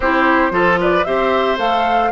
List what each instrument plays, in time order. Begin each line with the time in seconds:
0.00 bassoon C4, clarinet E4, oboe G4, flute C5
0.50 bassoon F3, clarinet F4, oboe A4
0.80 oboe B4, flute D5
1.04 bassoon C4, clarinet G4, oboe C5, flute E5
1.57 bassoon A3, clarinet A4, flute F5